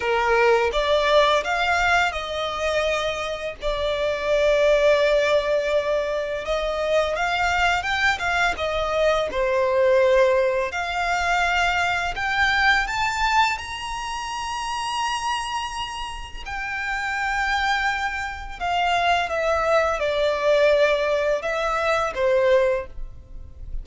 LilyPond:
\new Staff \with { instrumentName = "violin" } { \time 4/4 \tempo 4 = 84 ais'4 d''4 f''4 dis''4~ | dis''4 d''2.~ | d''4 dis''4 f''4 g''8 f''8 | dis''4 c''2 f''4~ |
f''4 g''4 a''4 ais''4~ | ais''2. g''4~ | g''2 f''4 e''4 | d''2 e''4 c''4 | }